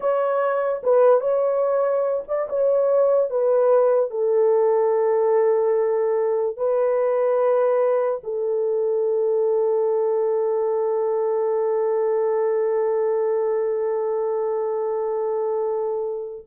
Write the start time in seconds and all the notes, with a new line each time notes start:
0.00 C#5
0.83 B4
1.20 C#5
2.28 D5
2.49 C#5
3.30 B4
4.10 A4
6.56 B4
8.23 A4